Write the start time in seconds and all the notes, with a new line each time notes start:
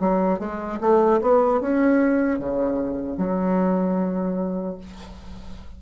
0.00 F#3
0.39 G#3
0.81 A3
1.22 B3
1.61 C#4
2.39 C#3
3.18 F#3